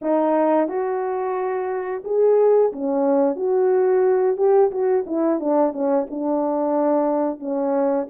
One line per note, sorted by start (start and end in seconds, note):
0.01 0.68 D#4
0.68 2.03 F#4
2.04 2.72 G#4
2.72 3.36 C#4
3.36 4.36 F#4
4.36 4.70 G4
4.71 5.04 F#4
5.06 5.40 E4
5.40 5.72 D4
5.72 6.06 C#4
6.10 7.39 D4
7.39 8.07 C#4